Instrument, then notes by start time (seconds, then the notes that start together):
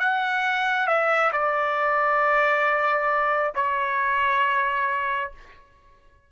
trumpet
0.00 F#5
0.87 E5
1.32 D5
3.55 C#5